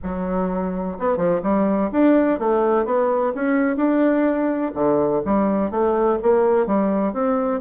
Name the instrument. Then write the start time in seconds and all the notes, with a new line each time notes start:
bassoon
0.02 F#3
0.98 B3
1.16 F3
1.42 G3
1.91 D4
2.39 A3
2.85 B3
3.35 C#4
3.76 D4
4.74 D3
5.25 G3
5.70 A3
6.22 A#3
6.66 G3
7.13 C4